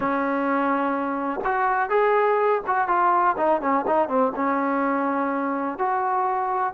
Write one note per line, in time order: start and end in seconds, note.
0.00 1.40 C#4
1.44 1.89 F#4
1.89 2.61 G#4
2.66 2.88 F#4
2.88 3.36 F4
3.37 3.61 D#4
3.61 3.85 C#4
3.87 4.08 D#4
4.08 4.32 C4
4.35 5.78 C#4
5.78 6.73 F#4